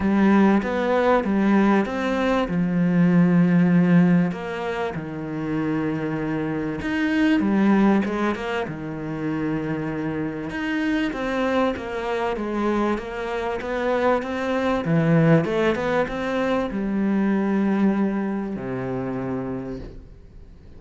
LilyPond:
\new Staff \with { instrumentName = "cello" } { \time 4/4 \tempo 4 = 97 g4 b4 g4 c'4 | f2. ais4 | dis2. dis'4 | g4 gis8 ais8 dis2~ |
dis4 dis'4 c'4 ais4 | gis4 ais4 b4 c'4 | e4 a8 b8 c'4 g4~ | g2 c2 | }